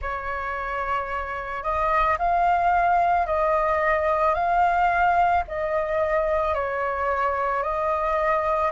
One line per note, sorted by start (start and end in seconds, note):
0.01 1.63 C#5
1.63 2.17 D#5
2.18 3.26 F5
3.26 4.34 D#5
4.34 5.43 F5
5.47 6.54 D#5
6.54 7.62 C#5
7.62 8.71 D#5